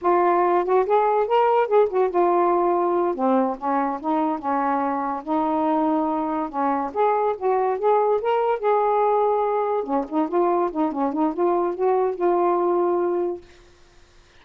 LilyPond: \new Staff \with { instrumentName = "saxophone" } { \time 4/4 \tempo 4 = 143 f'4. fis'8 gis'4 ais'4 | gis'8 fis'8 f'2~ f'8 c'8~ | c'8 cis'4 dis'4 cis'4.~ | cis'8 dis'2. cis'8~ |
cis'8 gis'4 fis'4 gis'4 ais'8~ | ais'8 gis'2. cis'8 | dis'8 f'4 dis'8 cis'8 dis'8 f'4 | fis'4 f'2. | }